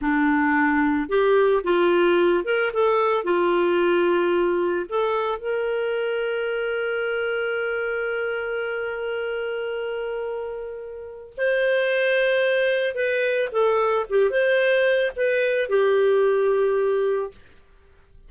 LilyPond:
\new Staff \with { instrumentName = "clarinet" } { \time 4/4 \tempo 4 = 111 d'2 g'4 f'4~ | f'8 ais'8 a'4 f'2~ | f'4 a'4 ais'2~ | ais'1~ |
ais'1~ | ais'4 c''2. | b'4 a'4 g'8 c''4. | b'4 g'2. | }